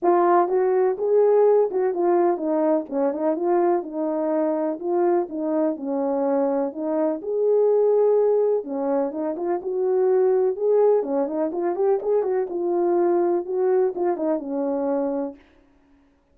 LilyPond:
\new Staff \with { instrumentName = "horn" } { \time 4/4 \tempo 4 = 125 f'4 fis'4 gis'4. fis'8 | f'4 dis'4 cis'8 dis'8 f'4 | dis'2 f'4 dis'4 | cis'2 dis'4 gis'4~ |
gis'2 cis'4 dis'8 f'8 | fis'2 gis'4 cis'8 dis'8 | f'8 g'8 gis'8 fis'8 f'2 | fis'4 f'8 dis'8 cis'2 | }